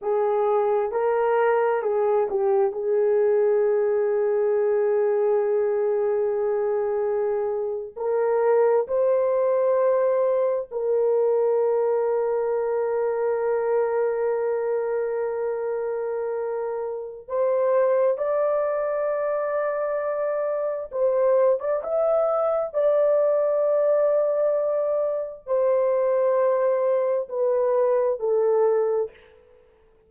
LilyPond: \new Staff \with { instrumentName = "horn" } { \time 4/4 \tempo 4 = 66 gis'4 ais'4 gis'8 g'8 gis'4~ | gis'1~ | gis'8. ais'4 c''2 ais'16~ | ais'1~ |
ais'2. c''4 | d''2. c''8. d''16 | e''4 d''2. | c''2 b'4 a'4 | }